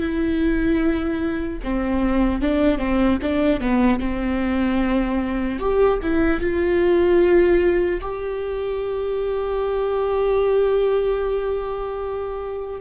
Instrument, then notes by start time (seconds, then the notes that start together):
viola
0.00 E4
1.64 C4
2.42 D4
2.79 C4
3.23 D4
3.61 B3
4.00 C4
5.59 G4
6.03 E4
6.41 F4
8.01 G4